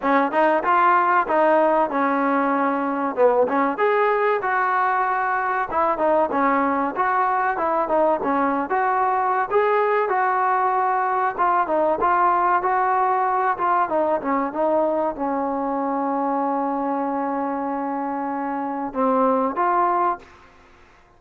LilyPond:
\new Staff \with { instrumentName = "trombone" } { \time 4/4 \tempo 4 = 95 cis'8 dis'8 f'4 dis'4 cis'4~ | cis'4 b8 cis'8 gis'4 fis'4~ | fis'4 e'8 dis'8 cis'4 fis'4 | e'8 dis'8 cis'8. fis'4~ fis'16 gis'4 |
fis'2 f'8 dis'8 f'4 | fis'4. f'8 dis'8 cis'8 dis'4 | cis'1~ | cis'2 c'4 f'4 | }